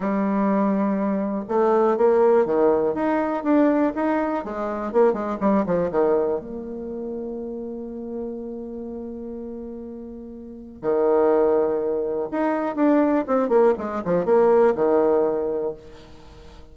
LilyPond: \new Staff \with { instrumentName = "bassoon" } { \time 4/4 \tempo 4 = 122 g2. a4 | ais4 dis4 dis'4 d'4 | dis'4 gis4 ais8 gis8 g8 f8 | dis4 ais2.~ |
ais1~ | ais2 dis2~ | dis4 dis'4 d'4 c'8 ais8 | gis8 f8 ais4 dis2 | }